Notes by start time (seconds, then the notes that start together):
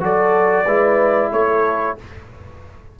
0.00 F#3 F#4 A4 D5
0.65 G#3 E4 B4
1.32 A3 A4 C#5